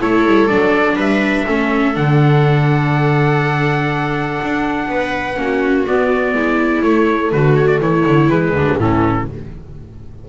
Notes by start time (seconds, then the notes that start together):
0.00 A3 E4 A4 C#5
0.25 G3
0.47 F#3 D4 D5
0.95 G3 B4 E5
1.45 A3 C#4 A4
1.93 D3 D4 F#5
4.43 D4
4.87 B3 B4
5.36 A#3 C#4 F#4
5.86 B3 D5
6.33 G#3 E4
6.81 A3 C#5
7.31 D3 F#4 B4
7.55 C#5
7.67 D5
7.79 E3 E4 C#5
8.06 D3
8.28 E3 G#3 B4
8.50 D2 D4
8.77 A2 E3 C#4 A4